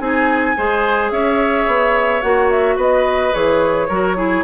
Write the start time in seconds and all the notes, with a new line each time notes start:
0.00 C4 D#4 G#4 G#5
0.58 G#3 G#4 C5
1.11 C#4 C#5 E5
1.67 B3
2.22 A#3 F#4 F#5
2.50 E5
2.77 B3 B4 D#5
3.34 E3 G#4 C#5
3.89 F#3 F#4 A#4
4.17 E4 G#4